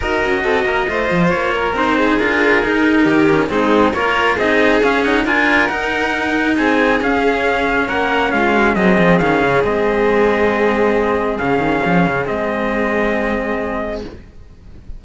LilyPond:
<<
  \new Staff \with { instrumentName = "trumpet" } { \time 4/4 \tempo 4 = 137 dis''2. cis''4 | c''4 ais'2. | gis'4 cis''4 dis''4 f''8 fis''8 | gis''4 fis''2 gis''4 |
f''2 fis''4 f''4 | dis''4 f''4 dis''2~ | dis''2 f''2 | dis''1 | }
  \new Staff \with { instrumentName = "violin" } { \time 4/4 ais'4 a'8 ais'8 c''4. ais'8~ | ais'8 gis'2~ gis'8 g'4 | dis'4 ais'4 gis'2 | ais'2. gis'4~ |
gis'2 ais'4 f'8 fis'8 | gis'1~ | gis'1~ | gis'1 | }
  \new Staff \with { instrumentName = "cello" } { \time 4/4 fis'2 f'2 | dis'4 f'4 dis'4. cis'8 | c'4 f'4 dis'4 cis'8 dis'8 | f'4 dis'2. |
cis'1 | c'4 cis'4 c'2~ | c'2 cis'2 | c'1 | }
  \new Staff \with { instrumentName = "cello" } { \time 4/4 dis'8 cis'8 c'8 ais8 a8 f8 ais4 | c'4 d'4 dis'4 dis4 | gis4 ais4 c'4 cis'4 | d'4 dis'2 c'4 |
cis'2 ais4 gis4 | fis8 f8 dis8 cis8 gis2~ | gis2 cis8 dis8 f8 cis8 | gis1 | }
>>